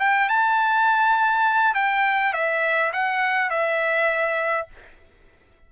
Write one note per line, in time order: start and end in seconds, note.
0.00 0.29 G5
0.29 1.75 A5
1.75 2.33 G5
2.34 2.93 E5
2.93 3.50 F#5
3.50 4.68 E5